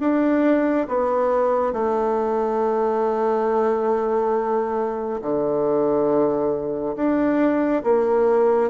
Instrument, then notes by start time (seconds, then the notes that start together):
bassoon
0.00 D4
0.88 B3
1.73 A3
5.21 D3
6.96 D4
7.83 A#3